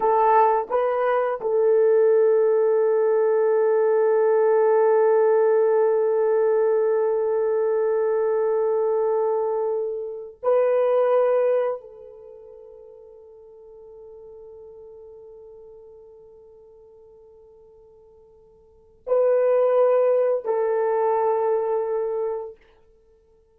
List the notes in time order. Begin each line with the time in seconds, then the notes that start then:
0.00 A4
0.69 B4
1.41 A4
10.42 B4
11.80 A4
19.06 B4
20.44 A4